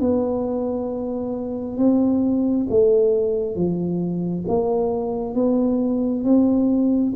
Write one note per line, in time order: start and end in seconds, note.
0.00 1.77 B3
1.77 2.67 C4
2.70 3.55 A3
3.55 4.45 F3
4.48 5.34 A#3
5.34 6.24 B3
6.24 7.13 C4